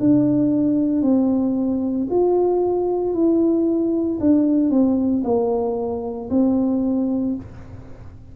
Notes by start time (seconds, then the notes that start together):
0.00 D4
1.02 C4
2.10 F4
3.14 E4
4.20 D4
4.70 C4
5.24 A#3
6.30 C4